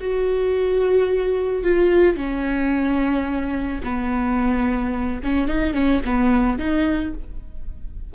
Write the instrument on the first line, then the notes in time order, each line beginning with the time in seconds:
viola
0.00 F#4
1.64 F4
2.16 C#4
3.84 B3
5.23 C#4
5.47 D#4
5.74 C#4
6.05 B3
6.58 D#4